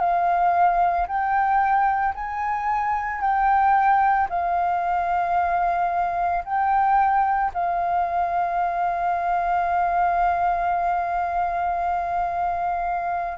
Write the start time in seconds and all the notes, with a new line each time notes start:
0.00 F5
1.07 G5
2.15 G#5
3.21 G5
4.30 F5
6.44 G5
7.54 F5